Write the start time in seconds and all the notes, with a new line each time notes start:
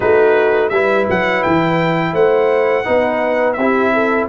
0.00 A3 D#4 F#4 B4
0.69 G3 E4 B4 E5
1.09 F#3 F#5
1.43 E3 G5
2.13 A3 C5 F#5
2.84 B3 D#4 B4
3.53 C4 G4 E5
3.60 E4
3.93 A4